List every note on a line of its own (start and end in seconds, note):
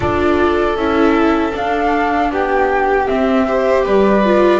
0.00 0.75 D4
0.00 0.77 F4
0.00 2.30 A4
0.00 0.76 D5
0.75 1.52 C#4
0.75 1.52 E4
0.75 1.53 E5
1.52 3.06 D4
1.52 2.31 D4
1.52 2.33 F5
2.31 3.08 B3
2.31 3.46 G4
2.31 3.07 G5
3.07 3.46 C4
3.07 3.85 C4
3.07 3.84 E5
3.46 4.24 G4
3.46 3.85 C5
3.85 4.60 G3
3.85 4.60 B4
3.85 4.60 D5
4.24 4.60 F4